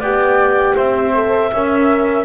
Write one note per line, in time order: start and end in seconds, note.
0.00 0.75 B3
0.00 1.15 G4
0.00 0.75 D5
0.00 0.77 G5
0.76 1.52 C4
0.76 1.51 C5
0.76 2.26 E5
1.15 1.52 A4
1.53 2.26 C#4
1.53 2.26 A#4
1.53 2.26 E5